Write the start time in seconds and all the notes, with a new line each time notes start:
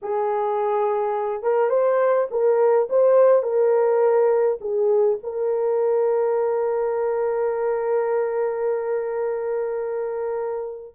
0.02 G#4
1.43 A#4
1.69 C5
2.31 A#4
2.89 C5
3.42 A#4
4.60 G#4
5.23 A#4